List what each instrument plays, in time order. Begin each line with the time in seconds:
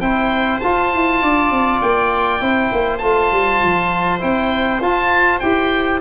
0.00 tuba C4, trombone E4, viola C5, oboe G5
0.60 trombone F4, tuba F4, oboe A5
0.93 tuba E4
1.22 tuba D4, viola D5
1.51 tuba C4
1.81 tuba A#3, oboe G5
2.40 tuba C4, trombone E4, viola C5
2.72 tuba A#3
2.98 tuba A3, trombone F4, oboe A5
3.31 tuba G3
3.62 tuba F3
4.19 tuba C4, trombone E4, oboe G5
4.80 tuba F4, trombone F4, oboe A5
5.40 tuba E4, trombone G4, oboe G5